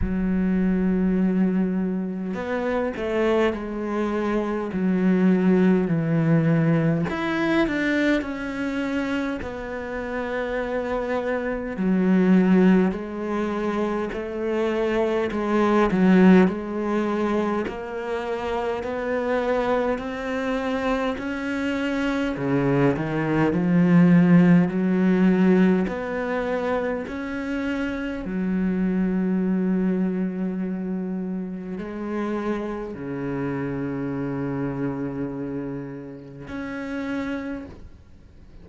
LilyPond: \new Staff \with { instrumentName = "cello" } { \time 4/4 \tempo 4 = 51 fis2 b8 a8 gis4 | fis4 e4 e'8 d'8 cis'4 | b2 fis4 gis4 | a4 gis8 fis8 gis4 ais4 |
b4 c'4 cis'4 cis8 dis8 | f4 fis4 b4 cis'4 | fis2. gis4 | cis2. cis'4 | }